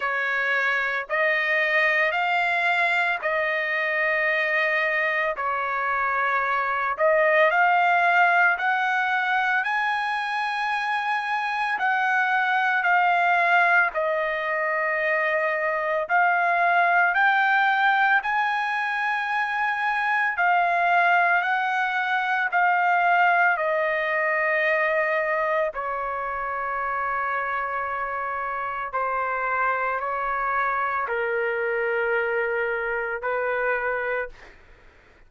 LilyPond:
\new Staff \with { instrumentName = "trumpet" } { \time 4/4 \tempo 4 = 56 cis''4 dis''4 f''4 dis''4~ | dis''4 cis''4. dis''8 f''4 | fis''4 gis''2 fis''4 | f''4 dis''2 f''4 |
g''4 gis''2 f''4 | fis''4 f''4 dis''2 | cis''2. c''4 | cis''4 ais'2 b'4 | }